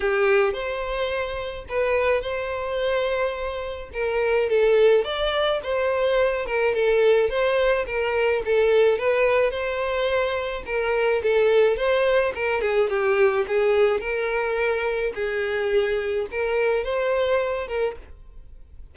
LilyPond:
\new Staff \with { instrumentName = "violin" } { \time 4/4 \tempo 4 = 107 g'4 c''2 b'4 | c''2. ais'4 | a'4 d''4 c''4. ais'8 | a'4 c''4 ais'4 a'4 |
b'4 c''2 ais'4 | a'4 c''4 ais'8 gis'8 g'4 | gis'4 ais'2 gis'4~ | gis'4 ais'4 c''4. ais'8 | }